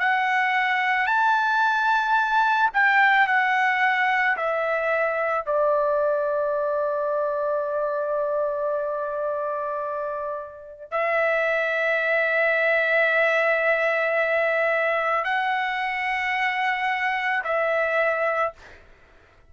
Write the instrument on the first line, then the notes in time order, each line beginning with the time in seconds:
trumpet
0.00 F#5
1.07 A5
2.74 G5
3.28 F#5
4.37 E5
5.46 D5
10.91 E5
15.25 F#5
17.44 E5